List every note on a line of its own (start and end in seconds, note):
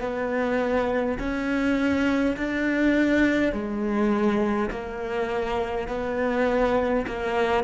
0.00 1.18 B3
1.19 2.36 C#4
2.36 3.52 D4
3.52 4.70 G#3
4.70 5.88 A#3
5.88 7.05 B3
7.06 7.64 A#3